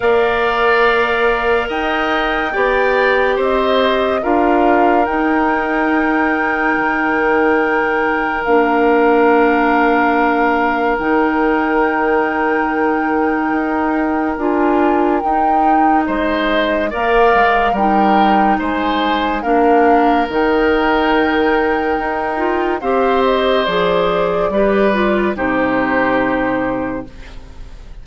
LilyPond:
<<
  \new Staff \with { instrumentName = "flute" } { \time 4/4 \tempo 4 = 71 f''2 g''2 | dis''4 f''4 g''2~ | g''2 f''2~ | f''4 g''2.~ |
g''4 gis''4 g''4 dis''4 | f''4 g''4 gis''4 f''4 | g''2. f''8 dis''8 | d''2 c''2 | }
  \new Staff \with { instrumentName = "oboe" } { \time 4/4 d''2 dis''4 d''4 | c''4 ais'2.~ | ais'1~ | ais'1~ |
ais'2. c''4 | d''4 ais'4 c''4 ais'4~ | ais'2. c''4~ | c''4 b'4 g'2 | }
  \new Staff \with { instrumentName = "clarinet" } { \time 4/4 ais'2. g'4~ | g'4 f'4 dis'2~ | dis'2 d'2~ | d'4 dis'2.~ |
dis'4 f'4 dis'2 | ais'4 dis'2 d'4 | dis'2~ dis'8 f'8 g'4 | gis'4 g'8 f'8 dis'2 | }
  \new Staff \with { instrumentName = "bassoon" } { \time 4/4 ais2 dis'4 b4 | c'4 d'4 dis'2 | dis2 ais2~ | ais4 dis2. |
dis'4 d'4 dis'4 gis4 | ais8 gis8 g4 gis4 ais4 | dis2 dis'4 c'4 | f4 g4 c2 | }
>>